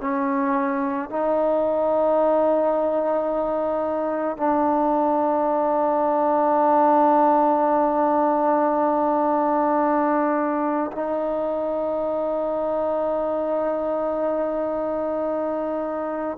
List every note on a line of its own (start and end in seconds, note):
0.00 1.09 C#4
1.10 4.36 D#4
4.36 10.91 D4
10.92 16.37 D#4